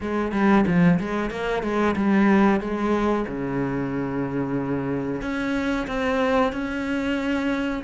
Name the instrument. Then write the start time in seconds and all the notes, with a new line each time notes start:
cello
0.00 G#3
0.32 G3
0.66 F3
0.99 G#3
1.30 A#3
1.62 G#3
1.96 G3
2.60 G#3
3.27 C#3
5.21 C#4
5.87 C4
6.52 C#4